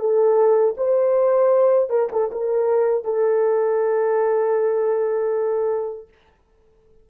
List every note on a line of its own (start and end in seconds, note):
0.00 0.76 A4
0.78 1.90 C5
1.90 2.09 A#4
2.12 2.32 A4
2.32 3.05 A#4
3.05 6.09 A4